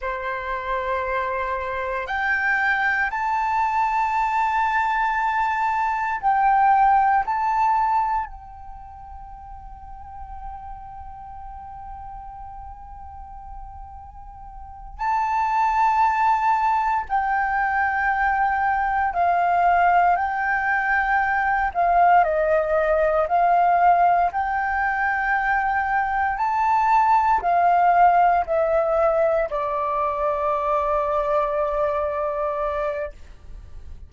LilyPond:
\new Staff \with { instrumentName = "flute" } { \time 4/4 \tempo 4 = 58 c''2 g''4 a''4~ | a''2 g''4 a''4 | g''1~ | g''2~ g''8 a''4.~ |
a''8 g''2 f''4 g''8~ | g''4 f''8 dis''4 f''4 g''8~ | g''4. a''4 f''4 e''8~ | e''8 d''2.~ d''8 | }